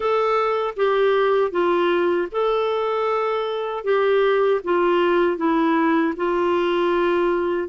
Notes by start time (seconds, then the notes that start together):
0.00 A4
0.76 G4
1.51 F4
2.31 A4
3.84 G4
4.64 F4
5.37 E4
6.16 F4